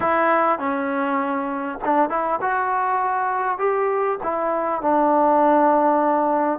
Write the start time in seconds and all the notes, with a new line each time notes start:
0.00 E4
0.58 C#4
1.84 D4
2.09 E4
2.41 F#4
3.58 G4
4.23 E4
4.81 D4